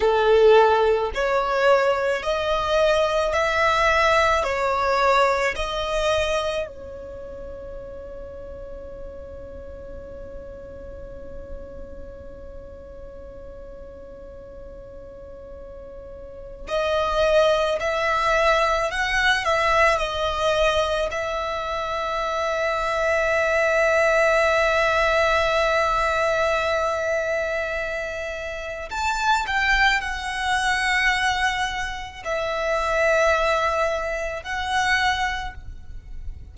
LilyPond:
\new Staff \with { instrumentName = "violin" } { \time 4/4 \tempo 4 = 54 a'4 cis''4 dis''4 e''4 | cis''4 dis''4 cis''2~ | cis''1~ | cis''2. dis''4 |
e''4 fis''8 e''8 dis''4 e''4~ | e''1~ | e''2 a''8 g''8 fis''4~ | fis''4 e''2 fis''4 | }